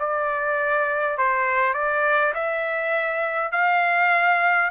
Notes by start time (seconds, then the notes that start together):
0.00 D5
1.18 C5
1.74 D5
2.35 E5
3.52 F5